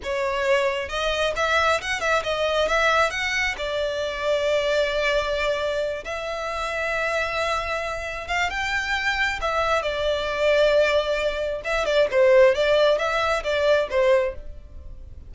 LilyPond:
\new Staff \with { instrumentName = "violin" } { \time 4/4 \tempo 4 = 134 cis''2 dis''4 e''4 | fis''8 e''8 dis''4 e''4 fis''4 | d''1~ | d''4. e''2~ e''8~ |
e''2~ e''8 f''8 g''4~ | g''4 e''4 d''2~ | d''2 e''8 d''8 c''4 | d''4 e''4 d''4 c''4 | }